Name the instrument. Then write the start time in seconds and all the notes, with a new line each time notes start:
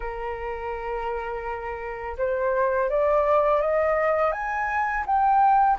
flute
0.00 A#4
2.17 C5
2.89 D5
3.61 D#5
4.32 G#5
5.05 G5